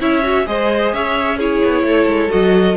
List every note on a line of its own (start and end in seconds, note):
0.00 0.47 C#4
0.00 0.23 E4
0.00 0.47 C#5
0.00 0.47 E5
0.23 0.46 F#4
0.46 0.93 G#3
0.46 1.39 G#4
0.46 0.95 C5
0.46 0.93 D#5
0.93 1.62 C#4
0.93 1.38 C#5
0.93 1.40 E5
1.38 2.30 E4
1.38 1.84 G#4
1.38 2.32 C#5
1.65 1.83 B3
1.83 2.06 A3
1.83 2.77 A4
2.07 2.30 G#3
2.30 2.77 F#3
2.30 2.76 F#4
2.30 2.77 D#5